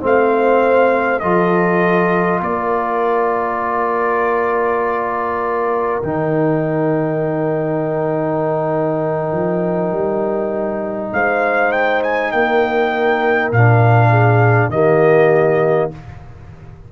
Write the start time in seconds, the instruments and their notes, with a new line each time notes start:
0.00 tuba A3, trombone C4, horn C5, trumpet F5
1.20 tuba F3, trombone F4, horn A4, trumpet D#5
2.41 tuba A#3, horn A#4, trumpet D5
6.03 tuba D#3, trombone D#4, trumpet G5
9.32 tuba F3
9.92 tuba G3
11.13 tuba G#3, horn C5, trumpet F5
11.72 trumpet G5
12.03 trumpet G#5
12.31 tuba A#3, horn A#4, trumpet G5
13.52 tuba A#2, trombone D4, trumpet F5
14.10 horn G#4
14.69 tuba D#3, trombone A#3, horn G4, trumpet D#5